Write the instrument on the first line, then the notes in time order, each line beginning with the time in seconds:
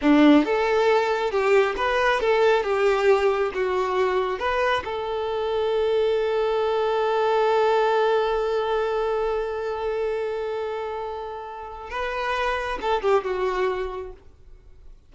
violin
0.01 D4
0.44 A4
1.31 G4
1.76 B4
2.20 A4
2.63 G4
3.53 F#4
4.39 B4
4.84 A4
11.90 B4
12.81 A4
13.01 G4
13.24 F#4